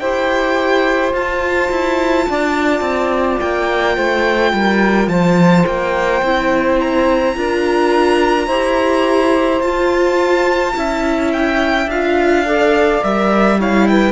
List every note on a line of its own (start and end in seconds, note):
0.00 1.14 E4
0.00 1.14 G4
0.00 2.27 C5
0.00 1.13 G5
1.14 1.70 F4
1.14 6.23 F4
1.14 3.40 A5
1.71 2.27 E4
2.29 2.81 D4
2.29 3.96 D5
2.81 3.38 C4
3.40 3.98 A#3
3.40 5.09 G5
3.96 4.54 A3
3.96 4.52 C5
4.54 5.08 G3
4.54 5.11 A#4
5.08 5.64 F3
5.08 7.37 C5
5.08 5.66 A5
5.67 6.22 A#3
5.67 6.80 G5
6.22 7.36 C4
6.22 7.36 E4
6.81 9.62 A#5
7.36 8.48 D4
7.36 8.50 F4
7.36 8.47 A#4
8.47 9.61 E4
8.47 9.63 G4
8.47 10.73 C5
9.61 10.74 F4
9.61 10.76 F4
9.61 11.32 A5
10.76 11.87 C#4
10.76 11.89 E4
10.76 12.46 E5
11.33 11.90 G5
11.87 13.00 D4
11.87 12.46 F4
11.87 13.04 F5
12.46 13.02 A4
12.46 13.59 D5
13.02 14.13 G3
13.02 13.59 A#4
13.02 13.61 E5
13.59 14.13 E4
13.59 13.87 C#5
13.59 13.88 F5
13.88 14.13 B4
13.88 14.13 G5